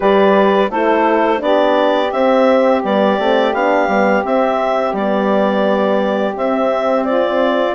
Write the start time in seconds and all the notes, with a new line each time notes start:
0.00 G3 G4 B4 D5
0.70 A3 E4 A4 C5
1.37 B3 D4 G4 D5
2.11 C4 E5
2.82 G3 B3 D5
3.18 A3 C4
3.53 B3 D4 F5
3.87 G3 B3
4.23 C4 E5
4.92 G3 B3 D5
6.36 C4 E5
7.05 F4 D5